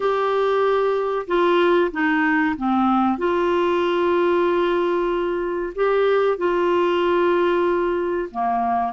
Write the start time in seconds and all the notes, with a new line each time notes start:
0.00 G4
1.27 F4
1.91 D#4
2.56 C4
3.17 F4
5.74 G4
6.37 F4
8.31 A#3